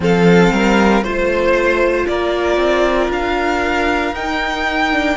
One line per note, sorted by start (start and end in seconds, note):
0.00 0.50 F3
0.00 1.03 C4
0.00 0.52 A4
0.00 1.03 F5
0.52 1.02 G3
0.52 1.03 A#4
1.02 2.06 A3
1.02 4.14 F4
1.02 2.06 C5
1.02 2.07 C5
2.07 2.56 A#3
2.07 5.16 A#4
2.07 3.10 D5
2.56 3.08 C4
3.09 4.12 D4
3.09 4.14 F5
4.12 5.15 D#4
4.12 4.92 D#4
4.12 5.16 G5
4.92 5.16 D4